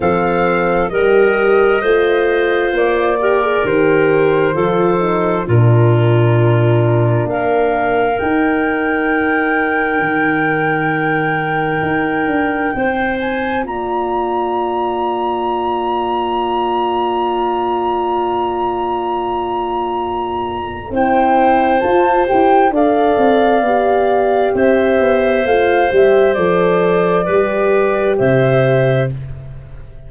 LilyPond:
<<
  \new Staff \with { instrumentName = "flute" } { \time 4/4 \tempo 4 = 66 f''4 dis''2 d''4 | c''2 ais'2 | f''4 g''2.~ | g''2~ g''8 gis''8 ais''4~ |
ais''1~ | ais''2. g''4 | a''8 g''8 f''2 e''4 | f''8 e''8 d''2 e''4 | }
  \new Staff \with { instrumentName = "clarinet" } { \time 4/4 a'4 ais'4 c''4. ais'8~ | ais'4 a'4 f'2 | ais'1~ | ais'2 c''4 d''4~ |
d''1~ | d''2. c''4~ | c''4 d''2 c''4~ | c''2 b'4 c''4 | }
  \new Staff \with { instrumentName = "horn" } { \time 4/4 c'4 g'4 f'4. g'16 gis'16 | g'4 f'8 dis'8 d'2~ | d'4 dis'2.~ | dis'2. f'4~ |
f'1~ | f'2. e'4 | f'8 g'8 a'4 g'2 | f'8 g'8 a'4 g'2 | }
  \new Staff \with { instrumentName = "tuba" } { \time 4/4 f4 g4 a4 ais4 | dis4 f4 ais,2 | ais4 dis'2 dis4~ | dis4 dis'8 d'8 c'4 ais4~ |
ais1~ | ais2. c'4 | f'8 e'8 d'8 c'8 b4 c'8 b8 | a8 g8 f4 g4 c4 | }
>>